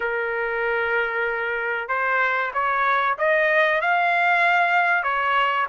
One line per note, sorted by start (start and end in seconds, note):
0.00 1.88 A#4
1.88 2.51 C5
2.53 3.16 C#5
3.18 3.81 D#5
3.81 5.03 F5
5.03 5.66 C#5